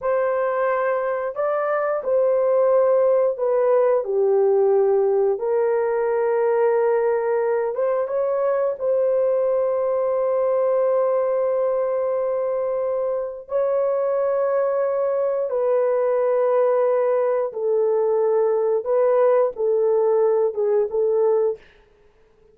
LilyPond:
\new Staff \with { instrumentName = "horn" } { \time 4/4 \tempo 4 = 89 c''2 d''4 c''4~ | c''4 b'4 g'2 | ais'2.~ ais'8 c''8 | cis''4 c''2.~ |
c''1 | cis''2. b'4~ | b'2 a'2 | b'4 a'4. gis'8 a'4 | }